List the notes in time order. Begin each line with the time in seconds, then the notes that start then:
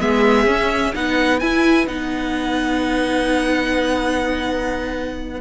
0.00 G#3 B3 G#4 E5
0.46 C#4
0.94 B3 D#4 B4 F#5
1.39 E4 G#5
1.87 B3 D#4 F#5